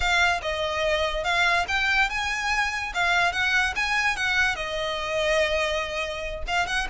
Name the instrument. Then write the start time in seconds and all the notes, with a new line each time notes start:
violin
0.00 F5
0.41 D#5
1.23 F5
1.68 G5
2.09 G#5
2.94 F5
3.32 F#5
3.75 G#5
4.16 F#5
4.55 D#5
6.47 F5
6.66 F#5